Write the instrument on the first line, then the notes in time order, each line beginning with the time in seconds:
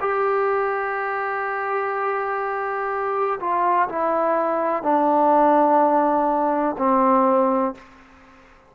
trombone
0.00 G4
3.40 F4
3.88 E4
4.83 D4
6.78 C4